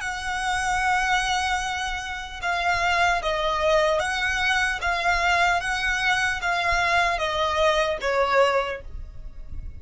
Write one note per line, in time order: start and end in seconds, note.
0.00 2.40 F#5
2.41 3.21 F5
3.22 3.99 D#5
3.99 4.79 F#5
4.81 5.60 F5
5.60 6.40 F#5
6.41 7.18 F5
7.18 7.98 D#5
8.01 8.81 C#5